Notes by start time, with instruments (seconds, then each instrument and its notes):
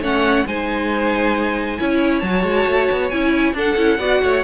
0.00 cello A3, viola C#4, violin C#5 F#5
0.46 cello G#3, viola D#4, violin C5 G#5
1.79 cello C#4, viola E4, violin C#5
2.19 cello F#3, viola F#4, violin A5
2.43 cello G#3
2.66 cello A3
2.92 cello B3
3.09 cello C#4, viola E4, violin G#5
3.53 cello D4, viola D4, violin A4 F#5
3.77 cello C#4, viola E4
3.99 cello B3, viola F#4, violin D5
4.23 cello A3, violin C#5